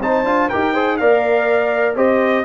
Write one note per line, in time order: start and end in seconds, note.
0.00 0.24 C4
0.00 0.26 D#4
0.00 0.49 C5
0.00 0.49 A5
0.24 0.48 D4
0.24 0.50 F4
0.49 1.01 D#4
0.49 0.75 G4
0.49 0.74 A#4
0.49 0.97 G5
0.74 1.00 G#4
0.74 0.98 C5
0.97 1.96 A#3
0.97 1.96 A#4
0.97 1.96 D5
0.97 1.95 F5
1.96 2.45 C4
1.96 2.45 G4
1.96 2.45 C5
1.96 2.45 D#5